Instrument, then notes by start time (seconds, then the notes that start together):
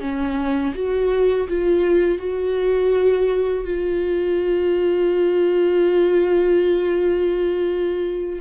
viola
0.00 C#4
0.75 F#4
1.48 F4
2.19 F#4
3.65 F4